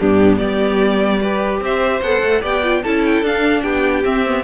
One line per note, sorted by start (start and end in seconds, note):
0.00 0.40 G2
0.00 1.21 B3
0.00 0.39 D4
0.00 0.38 G4
0.38 1.60 G3
0.38 1.20 G4
0.38 1.59 D5
1.21 2.02 G4
1.21 1.61 B4
1.60 2.01 C4
1.60 2.41 C5
1.60 2.02 E5
2.02 2.22 B3
2.02 2.42 A4
2.02 2.42 F#5
2.23 2.43 A3
2.41 2.84 B3
2.41 2.62 G4
2.41 2.82 D5
2.41 2.83 G5
2.63 2.83 F4
2.83 3.22 C#4
2.83 3.25 E4
2.83 3.62 A4
2.83 3.04 A5
3.05 3.25 G5
3.22 3.62 D4
3.22 4.04 D4
3.22 3.63 F5
3.62 4.05 B3
3.62 4.43 G4
3.62 4.04 G5
4.04 4.24 C4
4.04 4.44 C4
4.04 4.44 E5
4.27 4.44 B3